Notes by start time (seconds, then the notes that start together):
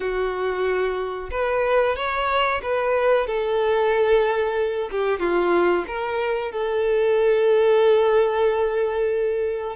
0.00 F#4
1.30 B4
1.96 C#5
2.62 B4
3.26 A4
4.91 G4
5.19 F4
5.87 A#4
6.51 A4